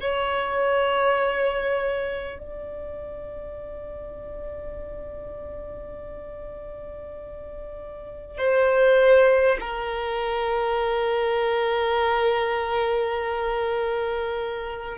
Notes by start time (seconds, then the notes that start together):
0.00 C#5
2.38 D5
8.38 C5
9.60 A#4